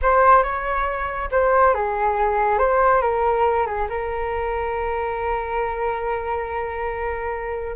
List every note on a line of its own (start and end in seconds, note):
0.02 0.43 C5
0.43 1.29 C#5
1.31 1.74 C5
1.74 2.58 G#4
2.58 3.01 C5
3.01 3.66 A#4
3.66 3.88 G#4
3.89 7.75 A#4